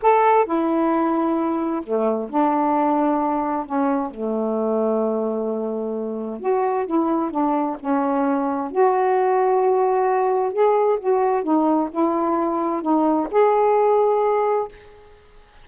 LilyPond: \new Staff \with { instrumentName = "saxophone" } { \time 4/4 \tempo 4 = 131 a'4 e'2. | a4 d'2. | cis'4 a2.~ | a2 fis'4 e'4 |
d'4 cis'2 fis'4~ | fis'2. gis'4 | fis'4 dis'4 e'2 | dis'4 gis'2. | }